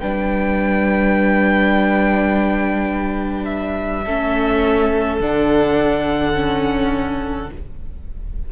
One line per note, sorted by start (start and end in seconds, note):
0.00 4.06 G3
0.00 4.06 D4
0.00 4.04 B4
0.00 3.45 G5
3.45 5.18 E5
4.04 5.20 A3
4.04 5.21 C#4
4.04 7.50 A4
5.20 7.51 D3
5.20 6.33 D4
5.20 7.52 F#5
6.33 7.49 C#4